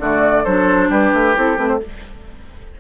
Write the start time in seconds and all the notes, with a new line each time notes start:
0.00 D3 A3 F#4 D5
0.44 F#3 D4 A4 C5
0.89 G3 G4 B4
1.13 A3
1.36 C4 E4 A4
1.56 A3 C4 B4
1.68 C5